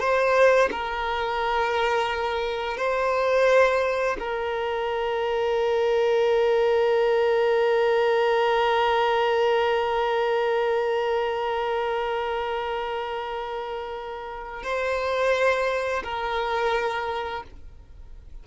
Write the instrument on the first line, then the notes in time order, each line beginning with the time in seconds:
violin
0.00 C5
0.72 A#4
2.78 C5
4.20 A#4
14.64 C5
16.04 A#4